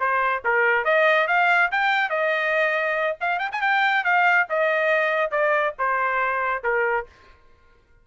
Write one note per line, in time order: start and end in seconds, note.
0.00 0.43 C5
0.45 0.85 A#4
0.85 1.28 D#5
1.28 1.71 F5
1.72 2.10 G5
2.10 3.17 D#5
3.21 3.39 F5
3.39 3.50 G5
3.52 3.62 G#5
3.62 4.05 G5
4.05 4.47 F5
4.50 5.31 D#5
5.31 5.74 D5
5.79 6.64 C5
6.64 7.07 A#4